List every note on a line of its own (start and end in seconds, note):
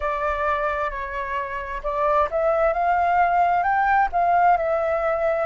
0.00 0.90 D5
0.90 1.81 C#5
1.83 2.28 D5
2.31 2.73 E5
2.73 3.63 F5
3.63 4.08 G5
4.12 4.57 F5
4.57 5.46 E5